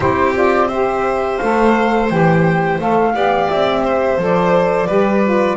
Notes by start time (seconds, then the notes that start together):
0.00 C4 E4 G4 C5
0.34 F4 D5
0.68 G4 C5 E5
1.37 A3 A4 F5
2.10 E3 G4 G5
2.78 A3 A4 F5
3.13 B3 G4 D5
3.49 C4 E5
3.83 C5
4.17 F3 A4 D5
4.86 G3 G4 B4
5.23 F4